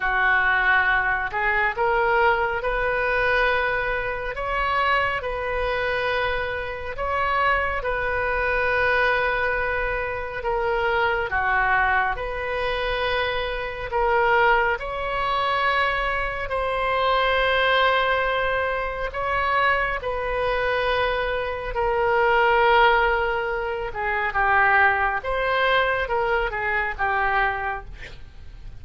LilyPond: \new Staff \with { instrumentName = "oboe" } { \time 4/4 \tempo 4 = 69 fis'4. gis'8 ais'4 b'4~ | b'4 cis''4 b'2 | cis''4 b'2. | ais'4 fis'4 b'2 |
ais'4 cis''2 c''4~ | c''2 cis''4 b'4~ | b'4 ais'2~ ais'8 gis'8 | g'4 c''4 ais'8 gis'8 g'4 | }